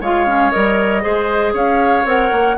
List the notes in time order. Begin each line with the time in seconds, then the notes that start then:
0.00 G#3 F4 C#5 F5
0.26 C#4
0.50 G3 A#4 D#5
1.01 G#3 G#4 C5
1.53 C#4 C#5 F5
2.05 C4 A#4 F#5
2.32 A#3